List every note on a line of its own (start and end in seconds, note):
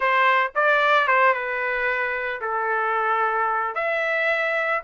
0.00 0.51 C5
0.55 1.07 D5
1.07 1.33 C5
1.33 2.40 B4
2.41 3.75 A4
3.75 4.82 E5